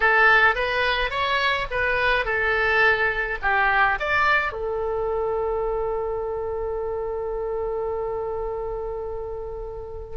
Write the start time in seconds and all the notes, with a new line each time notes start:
0.00 A4
0.55 B4
1.10 C#5
1.71 B4
2.25 A4
3.42 G4
3.99 D5
4.52 A4